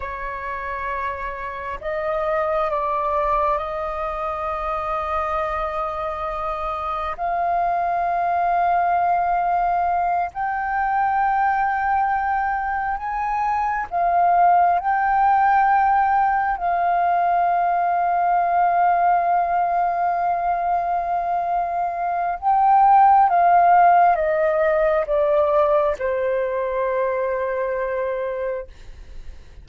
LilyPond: \new Staff \with { instrumentName = "flute" } { \time 4/4 \tempo 4 = 67 cis''2 dis''4 d''4 | dis''1 | f''2.~ f''8 g''8~ | g''2~ g''8 gis''4 f''8~ |
f''8 g''2 f''4.~ | f''1~ | f''4 g''4 f''4 dis''4 | d''4 c''2. | }